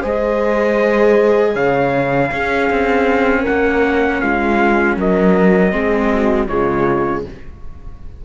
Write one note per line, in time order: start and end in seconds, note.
0.00 1.55 G#3
0.00 2.31 G#4
0.00 1.52 C5
0.00 1.55 D#5
1.53 2.31 C#3
1.53 2.29 C#5
1.53 3.45 F5
2.31 5.71 C#4
2.31 2.70 C#4
2.31 3.41 G#4
2.70 3.46 C4
3.41 4.16 A#4
3.41 4.21 F#5
3.48 4.22 A#3
4.21 4.96 G#3
4.21 4.98 F4
4.21 4.97 F5
4.96 5.72 F#3
4.96 5.74 A#4
4.96 6.47 D#5
5.71 6.48 G#3
5.71 6.47 C4
5.71 6.12 G#4
6.13 6.49 F#4
6.47 7.25 C#3
6.47 7.25 G#3
6.47 7.25 F4
6.47 7.23 C#5